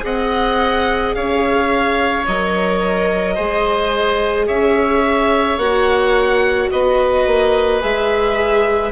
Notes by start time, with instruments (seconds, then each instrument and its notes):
0.00 bassoon C4, viola G#4, oboe D#5, violin F#5
1.14 bassoon C#4, oboe C#5, violin F5
2.26 bassoon F#3, viola A#4, violin D#5
3.35 bassoon G#3, viola G#4, oboe C5
4.47 bassoon C#4, oboe C#5, violin E5
5.57 bassoon A#3, viola F#4, violin F#5
6.71 bassoon B3, oboe B4, violin D#5
7.26 bassoon A#3
7.81 bassoon G#3, viola G#4, violin E5